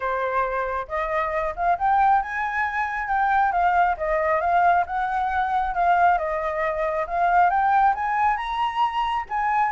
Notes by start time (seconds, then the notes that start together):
0.00 C5
0.88 D#5
1.56 F5
1.78 G5
2.22 G#5
3.07 G5
3.52 F5
3.97 D#5
4.40 F5
4.86 F#5
5.74 F5
6.17 D#5
7.06 F5
7.50 G5
7.94 G#5
8.36 A#5
9.29 G#5